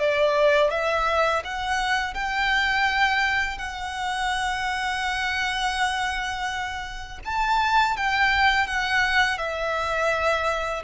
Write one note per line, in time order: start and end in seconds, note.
0.00 0.71 D5
0.71 1.43 E5
1.45 2.14 F#5
2.14 3.58 G5
3.58 7.20 F#5
7.25 7.97 A5
7.97 8.67 G5
8.67 9.38 F#5
9.38 10.83 E5